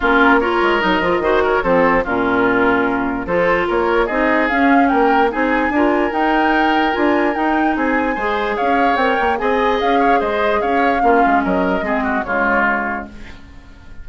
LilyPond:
<<
  \new Staff \with { instrumentName = "flute" } { \time 4/4 \tempo 4 = 147 ais'4 cis''4 dis''4. cis''8 | c''4 ais'2. | c''4 cis''4 dis''4 f''4 | g''4 gis''2 g''4~ |
g''4 gis''4 g''4 gis''4~ | gis''4 f''4 g''4 gis''4 | f''4 dis''4 f''2 | dis''2 cis''2 | }
  \new Staff \with { instrumentName = "oboe" } { \time 4/4 f'4 ais'2 c''8 ais'8 | a'4 f'2. | a'4 ais'4 gis'2 | ais'4 gis'4 ais'2~ |
ais'2. gis'4 | c''4 cis''2 dis''4~ | dis''8 cis''8 c''4 cis''4 f'4 | ais'4 gis'8 fis'8 f'2 | }
  \new Staff \with { instrumentName = "clarinet" } { \time 4/4 cis'4 f'4 dis'8 f'8 fis'4 | c'4 cis'2. | f'2 dis'4 cis'4~ | cis'4 dis'4 f'4 dis'4~ |
dis'4 f'4 dis'2 | gis'2 ais'4 gis'4~ | gis'2. cis'4~ | cis'4 c'4 gis2 | }
  \new Staff \with { instrumentName = "bassoon" } { \time 4/4 ais4. gis8 fis8 f8 dis4 | f4 ais,2. | f4 ais4 c'4 cis'4 | ais4 c'4 d'4 dis'4~ |
dis'4 d'4 dis'4 c'4 | gis4 cis'4 c'8 ais8 c'4 | cis'4 gis4 cis'4 ais8 gis8 | fis4 gis4 cis2 | }
>>